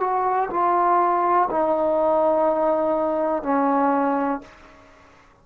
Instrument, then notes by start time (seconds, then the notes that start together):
trombone
0.00 F#4
0.51 F4
1.51 D#4
3.43 C#4